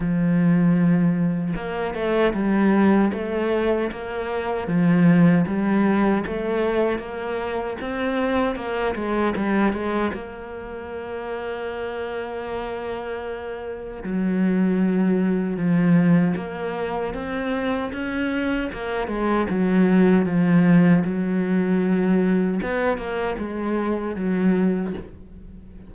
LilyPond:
\new Staff \with { instrumentName = "cello" } { \time 4/4 \tempo 4 = 77 f2 ais8 a8 g4 | a4 ais4 f4 g4 | a4 ais4 c'4 ais8 gis8 | g8 gis8 ais2.~ |
ais2 fis2 | f4 ais4 c'4 cis'4 | ais8 gis8 fis4 f4 fis4~ | fis4 b8 ais8 gis4 fis4 | }